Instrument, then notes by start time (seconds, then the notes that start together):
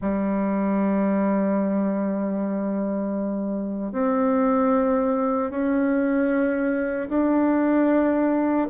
bassoon
0.01 G3
3.92 C4
5.50 C#4
7.09 D4